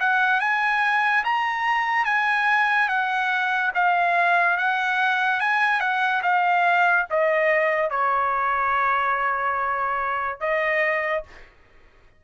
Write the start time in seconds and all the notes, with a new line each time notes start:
0.00 F#5
0.41 G#5
1.24 A#5
2.05 G#5
2.89 F#5
3.75 F5
4.58 F#5
5.40 G#5
5.80 F#5
6.23 F5
7.11 D#5
7.90 C#5
10.40 D#5